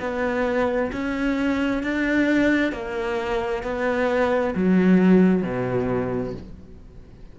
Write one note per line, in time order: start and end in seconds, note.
0.00 0.91 B3
0.92 1.83 C#4
1.83 2.72 D4
2.72 3.63 A#3
3.63 4.54 B3
4.55 5.43 F#3
5.43 6.33 B2